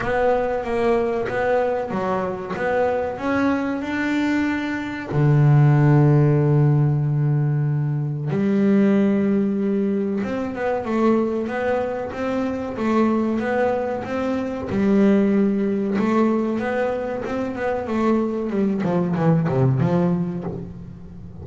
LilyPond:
\new Staff \with { instrumentName = "double bass" } { \time 4/4 \tempo 4 = 94 b4 ais4 b4 fis4 | b4 cis'4 d'2 | d1~ | d4 g2. |
c'8 b8 a4 b4 c'4 | a4 b4 c'4 g4~ | g4 a4 b4 c'8 b8 | a4 g8 f8 e8 c8 f4 | }